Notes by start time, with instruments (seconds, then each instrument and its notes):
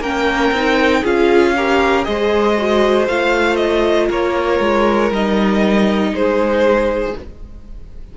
0.00 cello A#3, viola C#4, violin A#4 G5
0.52 cello C4, viola D#4
1.01 cello C#4, viola F4, violin G#4 F5
1.57 viola G4, violin A#4
2.04 cello G#3, viola G#4, violin C5 D#5
2.58 viola F#4
3.08 cello A3, viola F4, violin F5
3.56 violin D#5
4.08 cello A#3, violin A#4 C#5
4.60 cello G#3
5.11 cello G3, viola D#4, violin D#5
6.12 cello G#3, violin G#4 C5